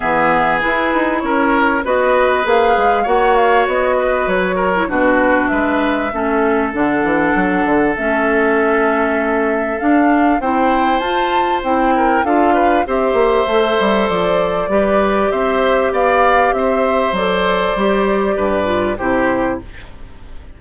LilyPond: <<
  \new Staff \with { instrumentName = "flute" } { \time 4/4 \tempo 4 = 98 e''4 b'4 cis''4 dis''4 | f''4 fis''8 f''8 dis''4 cis''4 | b'4 e''2 fis''4~ | fis''4 e''2. |
f''4 g''4 a''4 g''4 | f''4 e''2 d''4~ | d''4 e''4 f''4 e''4 | d''2. c''4 | }
  \new Staff \with { instrumentName = "oboe" } { \time 4/4 gis'2 ais'4 b'4~ | b'4 cis''4. b'4 ais'8 | fis'4 b'4 a'2~ | a'1~ |
a'4 c''2~ c''8 ais'8 | a'8 b'8 c''2. | b'4 c''4 d''4 c''4~ | c''2 b'4 g'4 | }
  \new Staff \with { instrumentName = "clarinet" } { \time 4/4 b4 e'2 fis'4 | gis'4 fis'2~ fis'8. e'16 | d'2 cis'4 d'4~ | d'4 cis'2. |
d'4 e'4 f'4 e'4 | f'4 g'4 a'2 | g'1 | a'4 g'4. f'8 e'4 | }
  \new Staff \with { instrumentName = "bassoon" } { \time 4/4 e4 e'8 dis'8 cis'4 b4 | ais8 gis8 ais4 b4 fis4 | b,4 gis4 a4 d8 e8 | fis8 d8 a2. |
d'4 c'4 f'4 c'4 | d'4 c'8 ais8 a8 g8 f4 | g4 c'4 b4 c'4 | fis4 g4 g,4 c4 | }
>>